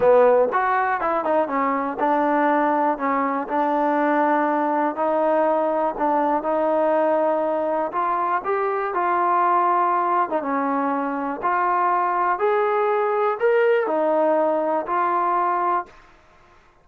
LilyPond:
\new Staff \with { instrumentName = "trombone" } { \time 4/4 \tempo 4 = 121 b4 fis'4 e'8 dis'8 cis'4 | d'2 cis'4 d'4~ | d'2 dis'2 | d'4 dis'2. |
f'4 g'4 f'2~ | f'8. dis'16 cis'2 f'4~ | f'4 gis'2 ais'4 | dis'2 f'2 | }